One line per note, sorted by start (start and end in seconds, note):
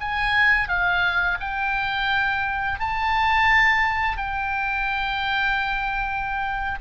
0.00 0.68 G#5
0.68 1.38 F5
1.40 2.79 G5
2.79 4.17 A5
4.17 6.79 G5